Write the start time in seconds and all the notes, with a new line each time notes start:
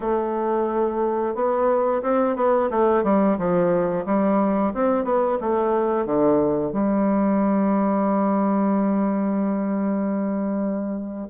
0.00 A3
1.34 B3
2.02 C4
2.36 B3
2.70 A3
3.03 G3
3.37 F3
4.05 G3
4.74 C4
5.04 B3
5.41 A3
6.05 D3
6.72 G3